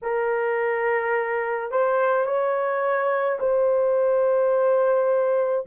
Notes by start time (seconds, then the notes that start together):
0.02 A#4
1.71 C5
2.25 C#5
3.39 C5